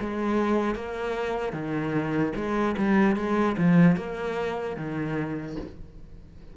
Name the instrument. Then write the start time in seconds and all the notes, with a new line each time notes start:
cello
0.00 G#3
0.75 A#3
1.53 D#3
2.35 G#3
2.77 G3
3.16 G#3
3.57 F3
3.96 A#3
4.76 D#3